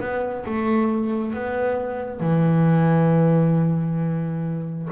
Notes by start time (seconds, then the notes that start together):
0.00 B3
0.46 A3
1.33 B3
2.20 E3